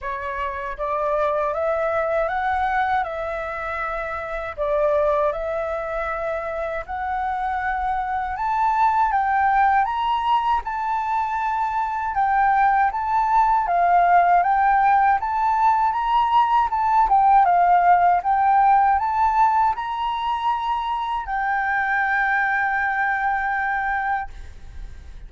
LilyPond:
\new Staff \with { instrumentName = "flute" } { \time 4/4 \tempo 4 = 79 cis''4 d''4 e''4 fis''4 | e''2 d''4 e''4~ | e''4 fis''2 a''4 | g''4 ais''4 a''2 |
g''4 a''4 f''4 g''4 | a''4 ais''4 a''8 g''8 f''4 | g''4 a''4 ais''2 | g''1 | }